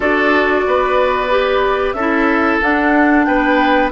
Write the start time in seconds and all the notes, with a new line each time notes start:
0.00 D4 F#4 A4 D5
0.66 B3 B4
1.30 G4
1.92 C#4 A4 E5
1.99 E4
2.62 D4 F#5
3.24 B3 B4 G5